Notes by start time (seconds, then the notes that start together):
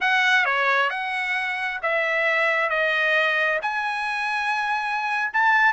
0.00 F#5
0.45 C#5
0.90 F#5
1.82 E5
2.69 D#5
3.62 G#5
5.33 A5